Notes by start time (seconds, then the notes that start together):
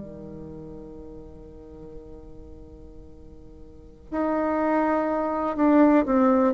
0.00 D#3
4.11 D#4
5.56 D4
6.05 C4